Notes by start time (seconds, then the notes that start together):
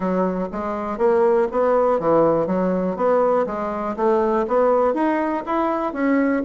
0.00 F#3
0.52 G#3
0.98 A#3
1.51 B3
1.99 E3
2.47 F#3
2.96 B3
3.46 G#3
3.96 A3
4.47 B3
4.93 D#4
5.45 E4
5.93 C#4